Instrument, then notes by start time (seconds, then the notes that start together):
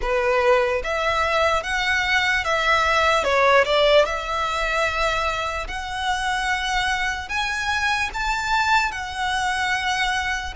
violin
0.01 B4
0.83 E5
1.63 F#5
2.44 E5
3.24 C#5
3.64 D5
4.05 E5
5.67 F#5
7.29 G#5
8.13 A5
8.92 F#5